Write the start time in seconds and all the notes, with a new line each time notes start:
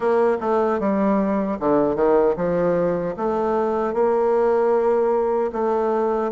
0.00 A#3
0.40 A3
0.79 G3
1.59 D3
1.95 D#3
2.36 F3
3.16 A3
3.93 A#3
5.52 A3